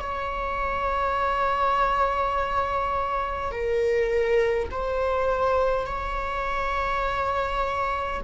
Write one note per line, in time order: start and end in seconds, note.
0.00 3.51 C#5
3.51 4.69 A#4
4.71 5.86 C5
5.86 8.21 C#5